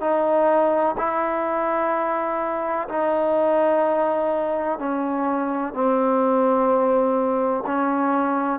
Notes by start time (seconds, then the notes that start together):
0.00 D#4
0.97 E4
2.88 D#4
4.78 C#4
5.73 C4
7.66 C#4